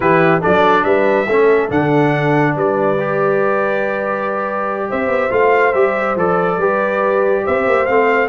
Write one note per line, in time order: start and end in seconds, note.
0.00 0.40 E3
0.00 0.41 E4
0.00 0.40 G4
0.00 0.41 B4
0.40 0.84 F#3
0.40 1.26 D4
0.40 0.83 A4
0.40 0.84 D5
0.84 1.27 G3
0.84 1.27 B4
0.84 1.69 E5
1.27 1.70 A3
1.27 1.69 C#4
1.27 2.54 A4
1.69 2.55 D3
1.69 2.97 D4
1.69 2.55 F#5
2.55 4.89 G3
2.55 4.88 B4
2.55 4.90 D5
2.99 5.30 G4
4.88 5.07 C4
4.88 6.57 C5
4.88 5.32 E5
5.07 5.28 B3
5.30 5.74 A3
5.30 5.73 F4
5.30 5.73 F5
5.73 6.15 G3
5.73 6.17 G4
5.73 6.16 E5
6.15 6.57 F3
6.15 6.60 A4
6.15 7.45 D5
6.57 7.42 G3
6.57 7.87 G4
6.57 7.43 B4
7.44 7.66 C4
7.44 8.28 C5
7.44 7.85 E5
7.66 7.87 A#3
7.85 8.28 A3
7.85 8.28 C4
7.85 8.28 F5